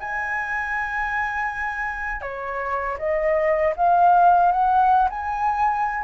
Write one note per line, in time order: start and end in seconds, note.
0.00 2.22 G#5
2.22 2.98 C#5
2.98 3.74 D#5
3.76 4.52 F5
4.52 5.09 F#5
5.10 6.04 G#5